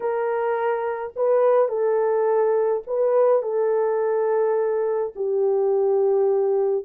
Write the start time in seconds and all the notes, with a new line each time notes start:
0.00 A#4
1.16 B4
1.68 A4
2.86 B4
3.42 A4
5.15 G4